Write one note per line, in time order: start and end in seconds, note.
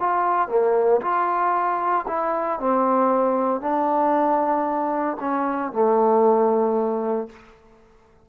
0.00 0.49 F4
0.49 1.01 A#3
1.02 2.06 F4
2.08 2.60 E4
2.60 3.61 C4
3.61 5.18 D4
5.21 5.72 C#4
5.72 7.29 A3